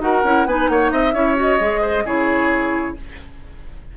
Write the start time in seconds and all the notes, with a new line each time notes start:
0.00 D#4 F#4 A#4 F#5
0.24 C#4 E4
0.46 B3 D#4 B4 G#5
0.69 A#3 C#5 F#5
0.92 C4 D#5 E5
1.14 C#4 E4 C#5
1.36 F#4 D#5
1.60 G#3 G#4
1.81 C5
2.05 C#3 E4 G#4 C#5